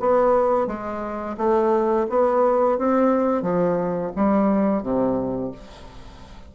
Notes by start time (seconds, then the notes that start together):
0.00 B3
0.67 G#3
1.38 A3
2.09 B3
2.78 C4
3.42 F3
4.16 G3
4.82 C3